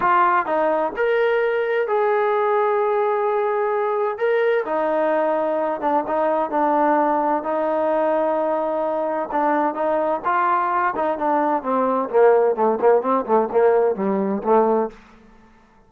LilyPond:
\new Staff \with { instrumentName = "trombone" } { \time 4/4 \tempo 4 = 129 f'4 dis'4 ais'2 | gis'1~ | gis'4 ais'4 dis'2~ | dis'8 d'8 dis'4 d'2 |
dis'1 | d'4 dis'4 f'4. dis'8 | d'4 c'4 ais4 a8 ais8 | c'8 a8 ais4 g4 a4 | }